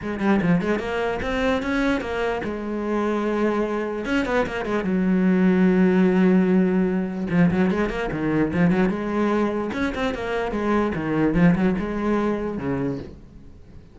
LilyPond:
\new Staff \with { instrumentName = "cello" } { \time 4/4 \tempo 4 = 148 gis8 g8 f8 gis8 ais4 c'4 | cis'4 ais4 gis2~ | gis2 cis'8 b8 ais8 gis8 | fis1~ |
fis2 f8 fis8 gis8 ais8 | dis4 f8 fis8 gis2 | cis'8 c'8 ais4 gis4 dis4 | f8 fis8 gis2 cis4 | }